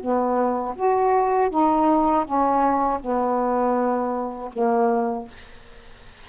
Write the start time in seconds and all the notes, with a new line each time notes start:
0.00 B3
0.75 F#4
1.50 D#4
2.25 C#4
3.00 B3
4.53 A#3